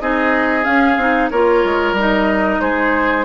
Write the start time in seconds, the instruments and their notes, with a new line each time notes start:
0.00 bassoon C4, clarinet D#4, oboe G#4, flute D#5
0.63 clarinet C#4, bassoon C#4, flute F5
0.97 bassoon C4, clarinet D#4
1.29 bassoon A#3, clarinet F4, oboe A#4, flute C#5
1.64 bassoon G#3
1.92 bassoon G3, clarinet D#4
2.00 flute D#5
2.60 bassoon G#3, oboe G#4, flute C5